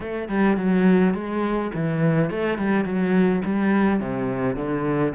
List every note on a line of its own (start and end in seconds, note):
0.00 0.28 A3
0.28 0.56 G3
0.56 1.14 F#3
1.14 1.71 G#3
1.74 2.30 E3
2.30 2.58 A3
2.58 2.84 G3
2.84 3.42 F#3
3.44 3.99 G3
3.99 4.56 C3
4.56 5.13 D3